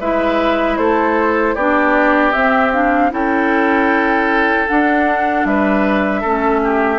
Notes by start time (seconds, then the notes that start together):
0.00 G#3 E4 B4 E5
0.77 A3 A4 C5
1.55 B3 D4 G4 D5
2.33 C4 E5
2.73 D4 F5
3.11 C#4 E4 A4 G5
4.68 D4 F#5
5.45 G3 B4 E5
6.21 A3 C#4 A4
6.64 G4